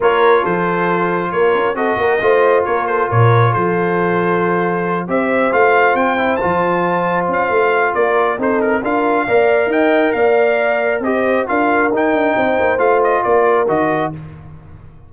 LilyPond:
<<
  \new Staff \with { instrumentName = "trumpet" } { \time 4/4 \tempo 4 = 136 cis''4 c''2 cis''4 | dis''2 cis''8 c''8 cis''4 | c''2.~ c''8 e''8~ | e''8 f''4 g''4 a''4.~ |
a''8 f''4. d''4 c''8 ais'8 | f''2 g''4 f''4~ | f''4 dis''4 f''4 g''4~ | g''4 f''8 dis''8 d''4 dis''4 | }
  \new Staff \with { instrumentName = "horn" } { \time 4/4 ais'4 a'2 ais'4 | a'8 ais'8 c''4 ais'8 a'8 ais'4 | a'2.~ a'8 c''8~ | c''1~ |
c''2 ais'4 a'4 | ais'4 d''4 dis''4 d''4~ | d''4 c''4 ais'2 | c''2 ais'2 | }
  \new Staff \with { instrumentName = "trombone" } { \time 4/4 f'1 | fis'4 f'2.~ | f'2.~ f'8 g'8~ | g'8 f'4. e'8 f'4.~ |
f'2. dis'4 | f'4 ais'2.~ | ais'4 g'4 f'4 dis'4~ | dis'4 f'2 fis'4 | }
  \new Staff \with { instrumentName = "tuba" } { \time 4/4 ais4 f2 ais8 cis'8 | c'8 ais8 a4 ais4 ais,4 | f2.~ f8 c'8~ | c'8 a4 c'4 f4.~ |
f8 cis'8 a4 ais4 c'4 | d'4 ais4 dis'4 ais4~ | ais4 c'4 d'4 dis'8 d'8 | c'8 ais8 a4 ais4 dis4 | }
>>